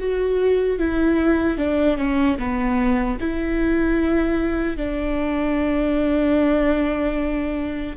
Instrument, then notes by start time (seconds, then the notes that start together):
viola
0.00 F#4
0.79 E4
1.58 D4
1.98 C#4
2.39 B3
3.21 E4
4.77 D4